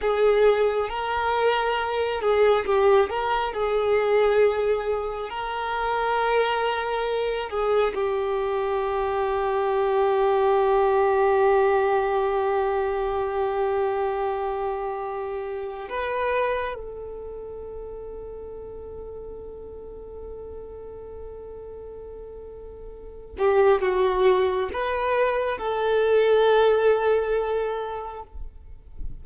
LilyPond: \new Staff \with { instrumentName = "violin" } { \time 4/4 \tempo 4 = 68 gis'4 ais'4. gis'8 g'8 ais'8 | gis'2 ais'2~ | ais'8 gis'8 g'2.~ | g'1~ |
g'2 b'4 a'4~ | a'1~ | a'2~ a'8 g'8 fis'4 | b'4 a'2. | }